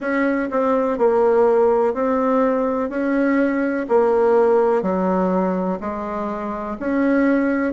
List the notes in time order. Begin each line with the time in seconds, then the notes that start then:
0.00 C#4
0.51 C4
0.98 A#3
1.94 C4
2.89 C#4
3.88 A#3
4.82 F#3
5.80 G#3
6.79 C#4